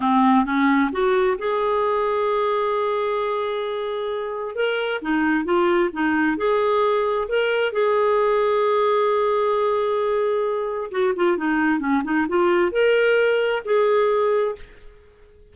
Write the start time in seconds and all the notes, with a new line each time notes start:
0.00 C4
0.45 C#4
0.92 F#4
1.38 G#4
4.55 A#4
5.01 D#4
5.44 F4
5.92 D#4
6.37 G#4
7.28 A#4
7.72 G#4
10.91 F#4
11.15 F4
11.37 D#4
11.79 C#4
12.04 D#4
12.28 F4
12.71 A#4
13.64 G#4